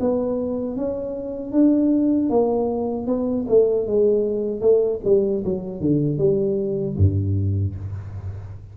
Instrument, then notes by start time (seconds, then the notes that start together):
tuba
0.00 B3
0.76 C#4
1.52 D4
2.29 A#3
3.06 B3
3.48 A3
3.86 G#3
4.60 A3
5.04 G3
5.44 F#3
5.80 D3
6.18 G3
6.97 G2